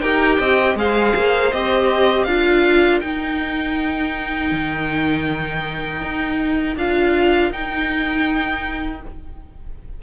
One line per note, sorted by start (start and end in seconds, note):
0.00 0.39 D#4
0.00 0.77 G4
0.00 0.39 A#4
0.00 0.75 G5
0.39 0.75 C4
0.39 0.76 D#5
0.75 1.12 G#3
0.75 1.52 G#4
0.75 2.27 C5
0.75 1.52 F5
1.16 1.52 A#3
1.52 2.26 C4
1.52 2.28 G4
1.52 2.24 D#5
2.24 3.01 D4
2.24 3.02 F4
2.24 9.02 A#4
2.24 2.99 F5
3.00 6.77 D#4
3.00 4.51 D#4
3.00 6.75 G5
4.51 6.01 D#3
6.01 6.76 D#4
6.76 7.51 D4
6.76 7.52 F4
6.76 7.52 F5
7.51 9.01 D#4
7.51 9.02 D#4
7.51 9.02 G5